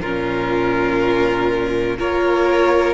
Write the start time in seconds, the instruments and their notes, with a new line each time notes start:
0.00 cello A#2, viola C#4, violin F4 A#4
1.98 cello A#3, viola F4, violin A#4 C#5